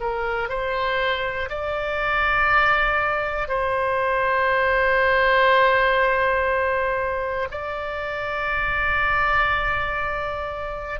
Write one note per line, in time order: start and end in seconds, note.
0.00 0.49 A#4
0.49 1.49 C5
1.49 3.48 D5
3.48 7.48 C5
7.51 11.00 D5